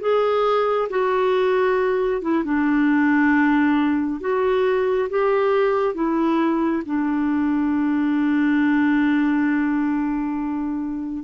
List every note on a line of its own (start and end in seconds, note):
0.00 0.88 G#4
0.89 2.21 F#4
2.21 2.43 E4
2.44 4.20 D4
4.20 5.09 F#4
5.09 5.94 G4
5.94 6.82 E4
6.85 11.23 D4